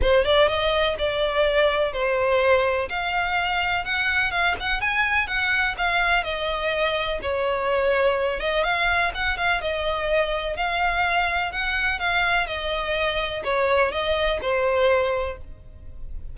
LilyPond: \new Staff \with { instrumentName = "violin" } { \time 4/4 \tempo 4 = 125 c''8 d''8 dis''4 d''2 | c''2 f''2 | fis''4 f''8 fis''8 gis''4 fis''4 | f''4 dis''2 cis''4~ |
cis''4. dis''8 f''4 fis''8 f''8 | dis''2 f''2 | fis''4 f''4 dis''2 | cis''4 dis''4 c''2 | }